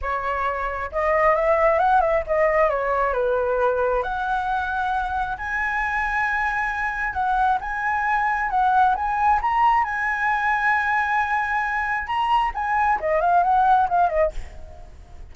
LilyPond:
\new Staff \with { instrumentName = "flute" } { \time 4/4 \tempo 4 = 134 cis''2 dis''4 e''4 | fis''8 e''8 dis''4 cis''4 b'4~ | b'4 fis''2. | gis''1 |
fis''4 gis''2 fis''4 | gis''4 ais''4 gis''2~ | gis''2. ais''4 | gis''4 dis''8 f''8 fis''4 f''8 dis''8 | }